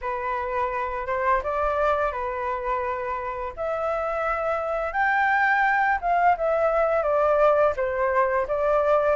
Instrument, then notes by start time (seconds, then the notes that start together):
flute
0.01 B4
1.07 C5
1.43 D5
2.12 B4
3.56 E5
4.93 G5
6.01 F5
6.37 E5
7.02 D5
7.76 C5
8.47 D5